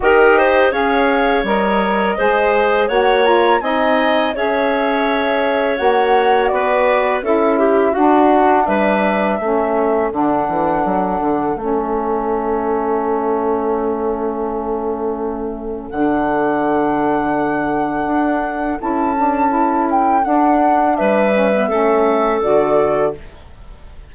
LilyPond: <<
  \new Staff \with { instrumentName = "flute" } { \time 4/4 \tempo 4 = 83 dis''4 f''4 dis''2 | fis''8 ais''8 gis''4 e''2 | fis''4 d''4 e''4 fis''4 | e''2 fis''2 |
e''1~ | e''2 fis''2~ | fis''2 a''4. g''8 | fis''4 e''2 d''4 | }
  \new Staff \with { instrumentName = "clarinet" } { \time 4/4 ais'8 c''8 cis''2 c''4 | cis''4 dis''4 cis''2~ | cis''4 b'4 a'8 g'8 fis'4 | b'4 a'2.~ |
a'1~ | a'1~ | a'1~ | a'4 b'4 a'2 | }
  \new Staff \with { instrumentName = "saxophone" } { \time 4/4 g'4 gis'4 ais'4 gis'4 | fis'8 f'8 dis'4 gis'2 | fis'2 e'4 d'4~ | d'4 cis'4 d'2 |
cis'1~ | cis'2 d'2~ | d'2 e'8 d'8 e'4 | d'4. cis'16 b16 cis'4 fis'4 | }
  \new Staff \with { instrumentName = "bassoon" } { \time 4/4 dis'4 cis'4 g4 gis4 | ais4 c'4 cis'2 | ais4 b4 cis'4 d'4 | g4 a4 d8 e8 fis8 d8 |
a1~ | a2 d2~ | d4 d'4 cis'2 | d'4 g4 a4 d4 | }
>>